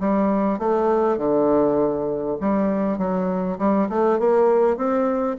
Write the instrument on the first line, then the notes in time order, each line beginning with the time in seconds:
bassoon
0.00 G3
0.59 A3
1.18 D3
2.41 G3
2.98 F#3
3.58 G3
3.89 A3
4.19 A#3
4.77 C4